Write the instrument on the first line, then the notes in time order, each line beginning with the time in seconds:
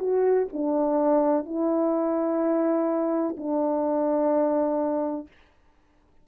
horn
0.00 F#4
0.53 D4
1.46 E4
3.38 D4